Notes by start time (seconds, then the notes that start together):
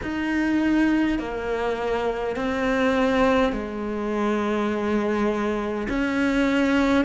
0.03 D#4
1.18 A#3
2.36 C4
3.52 G#3
5.88 C#4